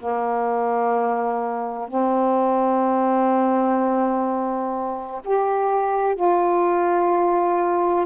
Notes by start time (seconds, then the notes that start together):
0.00 A#3
1.89 C4
5.25 G4
6.16 F4